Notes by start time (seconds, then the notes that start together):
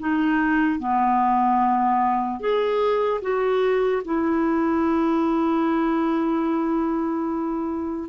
0.00 D#4
0.80 B3
2.40 G#4
3.22 F#4
4.05 E4